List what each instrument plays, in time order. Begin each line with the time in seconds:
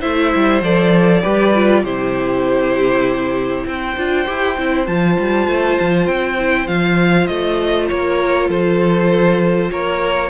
0.00 cello A3, viola E4, violin C5 E5
0.35 cello G3
0.62 cello F3, viola A4, violin D5
1.22 cello G3, viola G4, violin B4
1.55 viola F4
1.83 cello C3, viola E4, violin G4 C5
3.66 cello C4, violin C5 G5
3.97 cello D4, viola F4
4.26 cello E4, viola G4
4.58 cello C4, viola E4
4.86 cello F3, viola F4, violin A5
5.19 cello G3
5.47 cello A3
5.81 cello F3
6.07 cello C4, violin G5
6.39 viola E4
6.67 cello F3, viola F4, violin F5
7.27 cello A3, violin D#5
7.89 cello A#3, violin A#4 C#5
8.49 cello F3, violin A4 C5
9.71 cello A#3, violin A#4 C#5